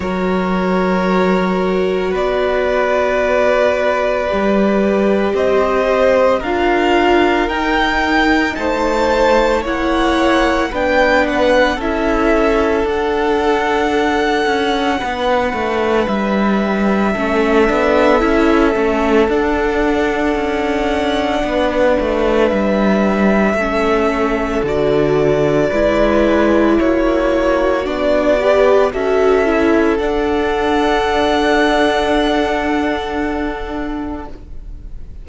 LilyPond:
<<
  \new Staff \with { instrumentName = "violin" } { \time 4/4 \tempo 4 = 56 cis''2 d''2~ | d''4 dis''4 f''4 g''4 | a''4 fis''4 g''8 fis''8 e''4 | fis''2. e''4~ |
e''2 fis''2~ | fis''4 e''2 d''4~ | d''4 cis''4 d''4 e''4 | fis''1 | }
  \new Staff \with { instrumentName = "violin" } { \time 4/4 ais'2 b'2~ | b'4 c''4 ais'2 | c''4 cis''4 b'4 a'4~ | a'2 b'2 |
a'1 | b'2 a'2 | b'4 fis'4. b'8 a'4~ | a'1 | }
  \new Staff \with { instrumentName = "viola" } { \time 4/4 fis'1 | g'2 f'4 dis'4~ | dis'4 e'4 d'4 e'4 | d'1 |
cis'8 d'8 e'8 cis'8 d'2~ | d'2 cis'4 fis'4 | e'2 d'8 g'8 fis'8 e'8 | d'1 | }
  \new Staff \with { instrumentName = "cello" } { \time 4/4 fis2 b2 | g4 c'4 d'4 dis'4 | a4 ais4 b4 cis'4 | d'4. cis'8 b8 a8 g4 |
a8 b8 cis'8 a8 d'4 cis'4 | b8 a8 g4 a4 d4 | gis4 ais4 b4 cis'4 | d'1 | }
>>